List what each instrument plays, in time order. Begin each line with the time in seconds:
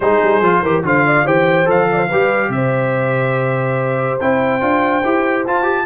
0.00 tuba G#3, trombone D#4, horn G#4, trumpet C5
0.22 tuba G3
0.40 tuba F3, trombone F4
0.62 tuba E3, trombone G4, horn A#4
0.83 tuba D3, trombone F4, horn C5, trumpet F5
1.07 horn D5
1.25 tuba E3, trombone G4, horn C5, trumpet G5
1.65 tuba F3, trombone A4, trumpet F5
1.91 horn C5 D5
2.08 tuba G3, trombone G4, horn B4
2.48 tuba C3, trumpet E5
2.55 horn C5
4.20 tuba C4, trombone E4, trumpet G5
4.60 tuba D4, trombone F4
5.04 tuba E4, trombone G4
5.46 tuba F4, trombone F4, trumpet A5
5.62 trombone G4